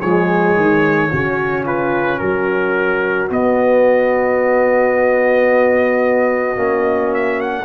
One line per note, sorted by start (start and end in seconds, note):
0.00 0.56 F3
0.00 1.12 G#3
0.00 1.09 G#4
0.00 1.64 C#5
0.56 1.11 D#3
1.11 2.21 C#3
1.11 3.30 C#4
1.11 1.64 F#4
1.64 2.18 F4
1.64 2.19 B4
2.18 3.30 F#3
2.18 7.64 F#4
2.18 3.28 A#4
3.30 6.56 B3
3.30 7.14 D#5
6.56 7.65 A#3
6.56 7.65 C#4
7.14 7.40 E5
7.40 7.65 F#5